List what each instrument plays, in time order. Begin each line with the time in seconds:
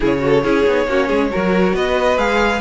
0.00 cello C#3, viola E4, violin G#4 C#5
0.19 viola F#4
0.25 violin A4
0.43 cello C#4, viola E4, violin G#4
0.65 cello B3, viola D#4
0.87 cello A#3, viola C#4, violin F#4
1.07 cello G#3, violin G#4
1.31 cello F#3, viola F#4, violin A#4
1.73 cello B3, violin B4 D#5
2.17 cello G#3, viola G#4, violin F5